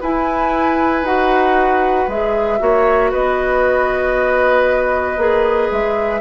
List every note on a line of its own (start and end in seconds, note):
0.00 1.05 E4
0.00 1.02 E4
0.00 2.59 B4
0.00 1.05 G#5
1.02 2.05 D#4
1.02 2.08 F#4
1.02 2.09 F#5
2.08 2.59 G#3
2.08 2.59 G#4
2.08 3.12 E5
2.59 3.12 A#3
2.59 5.17 F#4
2.59 3.11 C#5
3.11 5.17 B3
3.11 6.21 B4
3.11 5.71 D#5
5.17 5.68 A#3
5.17 6.21 G#4
5.71 6.21 G#3
5.71 6.21 E5